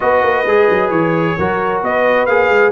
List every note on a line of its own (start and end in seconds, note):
0.00 0.23 B3
0.00 0.45 F#4
0.00 1.38 B4
0.00 0.90 D#5
0.23 0.45 A#3
0.45 0.68 G#3
0.45 1.38 G#4
0.69 0.90 F#3
0.90 1.35 E3
0.90 1.81 C#5
1.37 1.82 F#3
1.37 2.29 F#4
1.37 1.82 A#4
1.82 2.26 B3
1.82 2.71 B4
1.82 2.26 D#5
2.26 2.49 A#3
2.26 2.71 G#4
2.26 2.71 F5
2.49 2.71 G#3